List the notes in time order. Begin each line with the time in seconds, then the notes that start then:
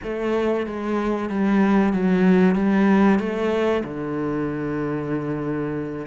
0.03 A3
0.66 G#3
1.29 G3
1.93 F#3
2.55 G3
3.19 A3
3.84 D3